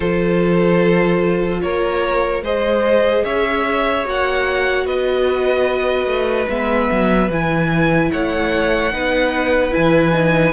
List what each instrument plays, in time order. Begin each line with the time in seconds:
0.00 cello F3, viola F4, violin A4 C5
1.62 cello A#3, violin A#4 C#5
2.42 cello G#3, viola G#4, violin C5 D#5
3.24 cello C#4, violin C#5 E5
4.04 cello A#3, viola F#4, violin F#5
4.85 cello B3, violin B4 D#5
6.06 cello A3
6.48 cello G#3, viola B3, violin E5
6.91 cello F#3
7.29 cello E3, viola E4, violin G#5
8.11 cello A3, violin C#5 F#5
8.92 cello B3, viola D#4, violin B4
9.70 cello E3, viola E4, violin G#5
10.12 viola D#4